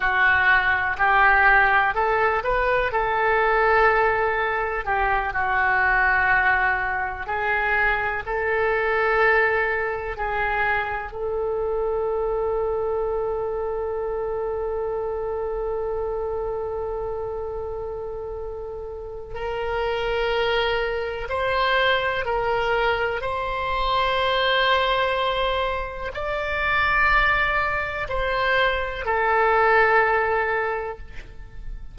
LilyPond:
\new Staff \with { instrumentName = "oboe" } { \time 4/4 \tempo 4 = 62 fis'4 g'4 a'8 b'8 a'4~ | a'4 g'8 fis'2 gis'8~ | gis'8 a'2 gis'4 a'8~ | a'1~ |
a'1 | ais'2 c''4 ais'4 | c''2. d''4~ | d''4 c''4 a'2 | }